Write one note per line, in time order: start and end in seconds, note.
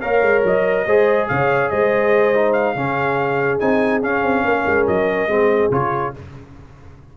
0.00 0.22 A#3
0.00 0.85 A#4
0.00 0.86 C#5
0.00 0.42 F5
0.22 0.43 G#3
0.44 0.86 F#3
0.44 1.28 D#5
0.86 1.28 G#3
0.86 2.35 G#4
0.86 1.28 C5
1.28 1.71 C#3
1.28 1.71 C#5
1.28 1.69 F5
1.69 2.75 G#3
1.69 2.76 C5
1.69 2.52 D#5
2.35 2.75 D#4
2.52 3.58 F5
2.75 3.59 C#3
2.75 3.59 C#4
2.75 4.46 G#4
3.59 4.02 C4
3.59 4.01 D#4
3.59 4.01 G#5
4.01 5.28 C#4
4.01 4.23 C#4
4.01 4.87 F5
4.23 4.44 C4
4.44 4.65 A#3
4.44 5.32 A#4
4.66 4.87 G#3
4.87 5.27 F#3
4.87 5.71 D#5
5.27 5.69 G#3
5.27 5.71 C4
5.27 6.17 G#4
5.70 6.13 C#3
5.70 6.13 F4
5.70 6.14 C#5